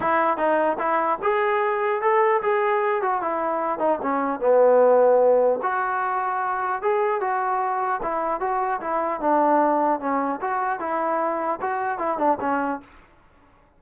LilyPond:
\new Staff \with { instrumentName = "trombone" } { \time 4/4 \tempo 4 = 150 e'4 dis'4 e'4 gis'4~ | gis'4 a'4 gis'4. fis'8 | e'4. dis'8 cis'4 b4~ | b2 fis'2~ |
fis'4 gis'4 fis'2 | e'4 fis'4 e'4 d'4~ | d'4 cis'4 fis'4 e'4~ | e'4 fis'4 e'8 d'8 cis'4 | }